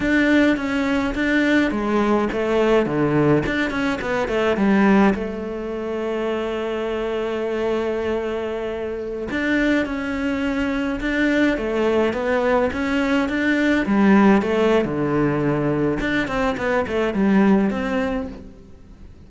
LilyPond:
\new Staff \with { instrumentName = "cello" } { \time 4/4 \tempo 4 = 105 d'4 cis'4 d'4 gis4 | a4 d4 d'8 cis'8 b8 a8 | g4 a2.~ | a1~ |
a16 d'4 cis'2 d'8.~ | d'16 a4 b4 cis'4 d'8.~ | d'16 g4 a8. d2 | d'8 c'8 b8 a8 g4 c'4 | }